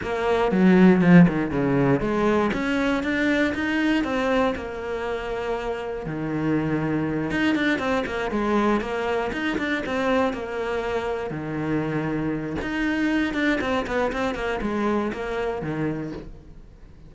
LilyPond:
\new Staff \with { instrumentName = "cello" } { \time 4/4 \tempo 4 = 119 ais4 fis4 f8 dis8 cis4 | gis4 cis'4 d'4 dis'4 | c'4 ais2. | dis2~ dis8 dis'8 d'8 c'8 |
ais8 gis4 ais4 dis'8 d'8 c'8~ | c'8 ais2 dis4.~ | dis4 dis'4. d'8 c'8 b8 | c'8 ais8 gis4 ais4 dis4 | }